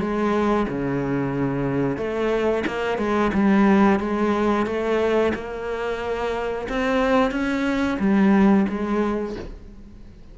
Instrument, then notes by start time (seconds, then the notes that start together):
cello
0.00 G#3
0.69 C#3
1.97 A3
2.67 A#3
2.98 G#3
3.34 G3
4.00 G#3
4.66 A3
5.35 A#3
6.69 C4
7.32 C#4
7.99 G3
8.69 G#3